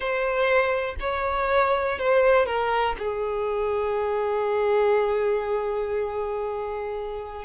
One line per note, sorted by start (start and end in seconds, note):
0.00 0.95 C5
1.00 1.98 C#5
1.98 2.45 C5
2.45 2.95 A#4
2.98 7.44 G#4